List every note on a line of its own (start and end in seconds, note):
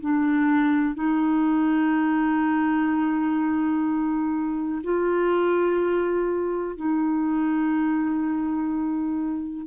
0.00 0.95 D4
0.95 4.82 D#4
4.83 6.76 F4
6.76 9.66 D#4